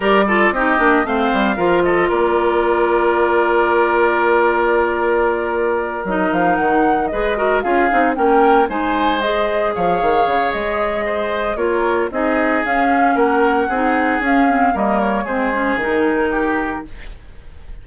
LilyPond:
<<
  \new Staff \with { instrumentName = "flute" } { \time 4/4 \tempo 4 = 114 d''4 dis''4 f''4. dis''8 | d''1~ | d''2.~ d''8 dis''8 | f''8 fis''4 dis''4 f''4 g''8~ |
g''8 gis''4 dis''4 f''4. | dis''2 cis''4 dis''4 | f''4 fis''2 f''4 | dis''8 cis''8 c''4 ais'2 | }
  \new Staff \with { instrumentName = "oboe" } { \time 4/4 ais'8 a'8 g'4 c''4 ais'8 a'8 | ais'1~ | ais'1~ | ais'4. b'8 ais'8 gis'4 ais'8~ |
ais'8 c''2 cis''4.~ | cis''4 c''4 ais'4 gis'4~ | gis'4 ais'4 gis'2 | ais'4 gis'2 g'4 | }
  \new Staff \with { instrumentName = "clarinet" } { \time 4/4 g'8 f'8 dis'8 d'8 c'4 f'4~ | f'1~ | f'2.~ f'8 dis'8~ | dis'4. gis'8 fis'8 f'8 dis'8 cis'8~ |
cis'8 dis'4 gis'2~ gis'8~ | gis'2 f'4 dis'4 | cis'2 dis'4 cis'8 c'8 | ais4 c'8 cis'8 dis'2 | }
  \new Staff \with { instrumentName = "bassoon" } { \time 4/4 g4 c'8 ais8 a8 g8 f4 | ais1~ | ais2.~ ais8 fis8 | f8 dis4 gis4 cis'8 c'8 ais8~ |
ais8 gis2 f8 dis8 cis8 | gis2 ais4 c'4 | cis'4 ais4 c'4 cis'4 | g4 gis4 dis2 | }
>>